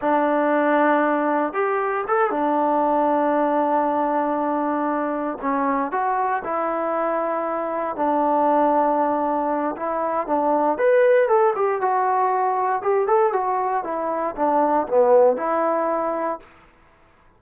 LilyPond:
\new Staff \with { instrumentName = "trombone" } { \time 4/4 \tempo 4 = 117 d'2. g'4 | a'8 d'2.~ d'8~ | d'2~ d'8 cis'4 fis'8~ | fis'8 e'2. d'8~ |
d'2. e'4 | d'4 b'4 a'8 g'8 fis'4~ | fis'4 g'8 a'8 fis'4 e'4 | d'4 b4 e'2 | }